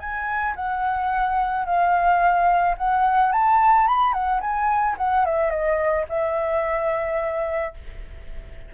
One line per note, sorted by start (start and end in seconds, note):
0.00 0.55 G#5
0.56 1.66 F#5
1.66 2.76 F5
2.78 3.33 F#5
3.33 3.88 A5
3.88 4.13 B5
4.13 4.41 F#5
4.41 4.96 G#5
4.98 5.26 F#5
5.26 5.51 E5
5.51 6.06 D#5
6.09 7.74 E5